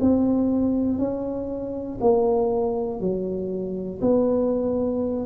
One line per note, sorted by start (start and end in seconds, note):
0.00 0.98 C4
0.98 1.98 C#4
2.00 3.00 A#3
3.00 4.00 F#3
4.01 5.25 B3